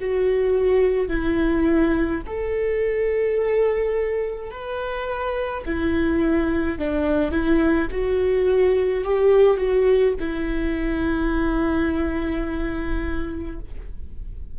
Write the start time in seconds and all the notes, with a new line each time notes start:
0.00 F#4
1.09 E4
2.26 A4
4.51 B4
5.65 E4
6.78 D4
7.31 E4
7.91 F#4
9.04 G4
9.57 F#4
10.20 E4